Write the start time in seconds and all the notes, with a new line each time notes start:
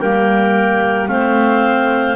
0.00 G3 A#3 A#4 G5
1.08 A3 C4 C5 F5